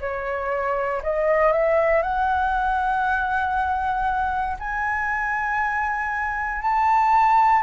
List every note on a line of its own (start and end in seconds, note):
0.00 1.02 C#5
1.03 1.52 D#5
1.52 2.02 E5
2.02 4.56 F#5
4.59 6.61 G#5
6.61 7.62 A5